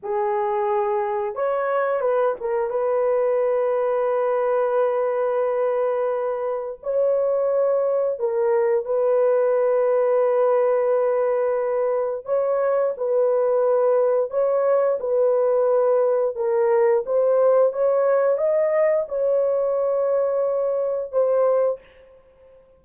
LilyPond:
\new Staff \with { instrumentName = "horn" } { \time 4/4 \tempo 4 = 88 gis'2 cis''4 b'8 ais'8 | b'1~ | b'2 cis''2 | ais'4 b'2.~ |
b'2 cis''4 b'4~ | b'4 cis''4 b'2 | ais'4 c''4 cis''4 dis''4 | cis''2. c''4 | }